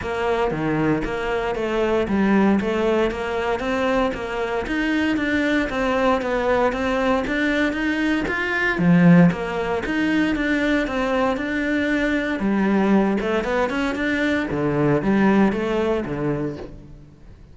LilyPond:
\new Staff \with { instrumentName = "cello" } { \time 4/4 \tempo 4 = 116 ais4 dis4 ais4 a4 | g4 a4 ais4 c'4 | ais4 dis'4 d'4 c'4 | b4 c'4 d'4 dis'4 |
f'4 f4 ais4 dis'4 | d'4 c'4 d'2 | g4. a8 b8 cis'8 d'4 | d4 g4 a4 d4 | }